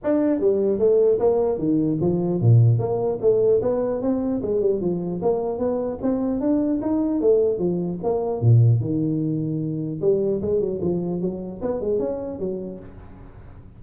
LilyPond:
\new Staff \with { instrumentName = "tuba" } { \time 4/4 \tempo 4 = 150 d'4 g4 a4 ais4 | dis4 f4 ais,4 ais4 | a4 b4 c'4 gis8 g8 | f4 ais4 b4 c'4 |
d'4 dis'4 a4 f4 | ais4 ais,4 dis2~ | dis4 g4 gis8 fis8 f4 | fis4 b8 gis8 cis'4 fis4 | }